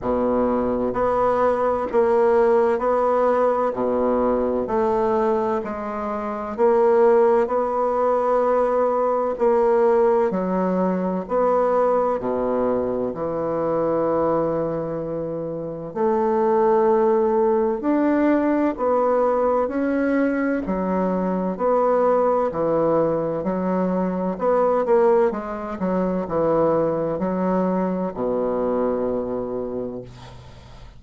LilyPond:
\new Staff \with { instrumentName = "bassoon" } { \time 4/4 \tempo 4 = 64 b,4 b4 ais4 b4 | b,4 a4 gis4 ais4 | b2 ais4 fis4 | b4 b,4 e2~ |
e4 a2 d'4 | b4 cis'4 fis4 b4 | e4 fis4 b8 ais8 gis8 fis8 | e4 fis4 b,2 | }